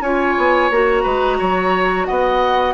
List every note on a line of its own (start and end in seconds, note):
0.00 0.34 C#4
0.00 0.71 F4
0.00 1.03 C#5
0.00 0.69 G#5
0.37 0.70 B3
0.70 1.04 A#3
0.70 2.74 F#4
0.70 2.05 A#5
1.03 1.39 G#3
1.03 1.37 B4
1.38 2.09 F#3
1.38 2.07 C#5
2.05 2.74 B3
2.05 2.74 D#5
2.05 2.74 F#5